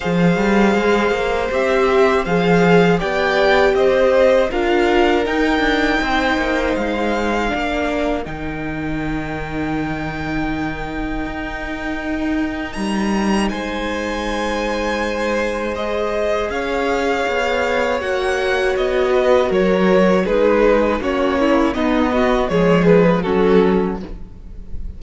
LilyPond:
<<
  \new Staff \with { instrumentName = "violin" } { \time 4/4 \tempo 4 = 80 f''2 e''4 f''4 | g''4 dis''4 f''4 g''4~ | g''4 f''2 g''4~ | g''1~ |
g''4 ais''4 gis''2~ | gis''4 dis''4 f''2 | fis''4 dis''4 cis''4 b'4 | cis''4 dis''4 cis''8 b'8 a'4 | }
  \new Staff \with { instrumentName = "violin" } { \time 4/4 c''1 | d''4 c''4 ais'2 | c''2 ais'2~ | ais'1~ |
ais'2 c''2~ | c''2 cis''2~ | cis''4. b'8 ais'4 gis'4 | fis'8 e'8 dis'8 fis'8 gis'4 fis'4 | }
  \new Staff \with { instrumentName = "viola" } { \time 4/4 gis'2 g'4 gis'4 | g'2 f'4 dis'4~ | dis'2 d'4 dis'4~ | dis'1~ |
dis'1~ | dis'4 gis'2. | fis'2. dis'4 | cis'4 b4 gis4 cis'4 | }
  \new Staff \with { instrumentName = "cello" } { \time 4/4 f8 g8 gis8 ais8 c'4 f4 | b4 c'4 d'4 dis'8 d'8 | c'8 ais8 gis4 ais4 dis4~ | dis2. dis'4~ |
dis'4 g4 gis2~ | gis2 cis'4 b4 | ais4 b4 fis4 gis4 | ais4 b4 f4 fis4 | }
>>